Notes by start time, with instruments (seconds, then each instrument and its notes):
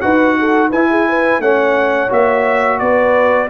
0.00 tuba D#4, trombone F#4, horn B4, trumpet F#5
0.39 horn A4
0.69 tuba E4, trombone E4, horn B4, trumpet G#5
0.90 horn G#4
1.09 horn B4
1.39 tuba A3, trombone C#4, horn C#5, trumpet F#5
2.09 tuba A#3, trombone F#4, trumpet E5
2.79 tuba B3, horn B4, trumpet D5